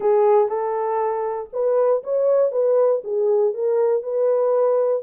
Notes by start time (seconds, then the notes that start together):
0.00 G#4
0.48 A4
1.52 B4
2.03 C#5
2.51 B4
3.04 G#4
3.54 A#4
4.02 B4